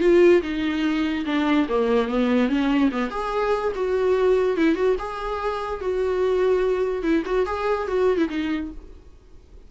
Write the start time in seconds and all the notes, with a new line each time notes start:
0.00 F4
0.42 D#4
1.26 D4
1.69 A#3
2.08 B3
2.49 C#4
2.92 B3
3.10 G#4
3.75 F#4
4.57 E4
4.75 F#4
4.99 G#4
5.81 F#4
7.03 E4
7.25 F#4
7.46 G#4
7.87 F#4
8.18 E4
8.29 D#4